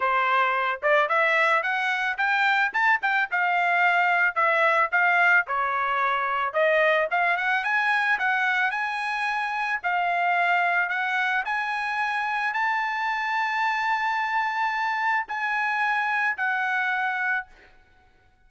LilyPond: \new Staff \with { instrumentName = "trumpet" } { \time 4/4 \tempo 4 = 110 c''4. d''8 e''4 fis''4 | g''4 a''8 g''8 f''2 | e''4 f''4 cis''2 | dis''4 f''8 fis''8 gis''4 fis''4 |
gis''2 f''2 | fis''4 gis''2 a''4~ | a''1 | gis''2 fis''2 | }